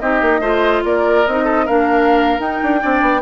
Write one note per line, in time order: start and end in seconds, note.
0.00 0.22 C4
0.00 0.42 D#4
0.00 0.41 G4
0.00 0.83 D#5
0.22 0.41 A#3
0.41 0.82 A3
0.41 1.26 F4
0.41 0.83 C5
0.85 1.26 A#3
0.85 1.45 A#4
0.85 1.27 D5
1.27 1.69 C4
1.27 1.67 D#4
1.27 1.67 D#5
1.45 1.66 A4
1.66 2.39 A#3
1.66 2.40 D4
1.66 2.80 A#4
1.66 2.40 F5
2.39 2.60 D#4
2.39 2.80 D#4
2.39 3.22 G5
2.63 2.84 D4
2.80 3.02 C4
2.80 3.21 D4
2.80 3.22 D5
3.02 3.22 B3